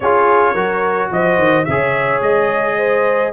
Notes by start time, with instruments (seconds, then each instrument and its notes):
0.00 tuba C#4, trombone F4, horn G#4, trumpet C#5
0.53 tuba F#3, trombone F#4, horn A#4
1.10 tuba F3, horn C5, trumpet D#5
1.38 tuba D#3
1.64 tuba C#3, trombone G#4, horn C#5, trumpet E5
2.21 tuba G#3, trumpet D#5
2.77 horn C5